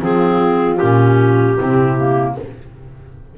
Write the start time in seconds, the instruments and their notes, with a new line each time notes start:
0.00 double bass F3, clarinet C4 G#4, horn F4
0.77 double bass A#2, clarinet C#4 G4
1.58 double bass C3, clarinet C4, horn E4
1.98 clarinet A#3